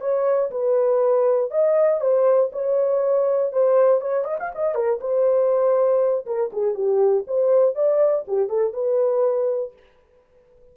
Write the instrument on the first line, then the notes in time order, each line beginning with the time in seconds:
horn
0.00 C#5
0.50 B4
1.51 D#5
2.01 C5
2.52 C#5
3.52 C5
4.00 C#5
4.24 D#5
4.39 F5
4.55 D#5
4.75 A#4
5.00 C5
6.26 A#4
6.52 G#4
6.74 G4
7.27 C5
7.75 D5
8.28 G4
8.49 A4
8.73 B4